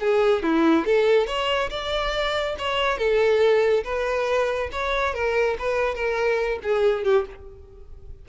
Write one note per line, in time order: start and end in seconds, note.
0.00 0.43 G#4
0.43 0.86 E4
0.86 1.27 A4
1.27 1.70 C#5
1.70 2.56 D5
2.59 2.98 C#5
2.98 3.84 A4
3.84 4.70 B4
4.72 5.14 C#5
5.14 5.57 A#4
5.59 5.95 B4
5.95 6.59 A#4
6.63 7.04 G#4
7.04 7.26 G4